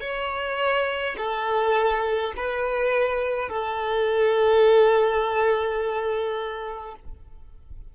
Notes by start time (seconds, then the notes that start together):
0.00 C#5
1.17 A4
2.36 B4
3.48 A4